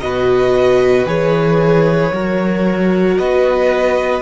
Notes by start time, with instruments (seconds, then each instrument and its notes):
0.00 cello B2, viola F#4, violin B4 D#5
1.05 cello E3, viola G#4, violin C#5
2.12 cello F#3, viola F#4, violin A#4
3.18 cello B3, violin B4 D#5